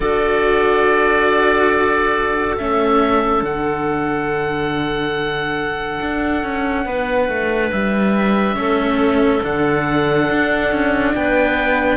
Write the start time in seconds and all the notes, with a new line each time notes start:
0.00 D4 F#4 A4 D5
2.57 A3 C#4 E5
3.42 D3 D4 F#5
6.01 D4
6.43 C#4
6.85 B3 B4
7.28 A3
7.72 G3 E5
8.56 A3 C#4 A4
9.42 D3 D4 F#5
10.31 D4
10.71 C#4
11.15 B3 B4 G5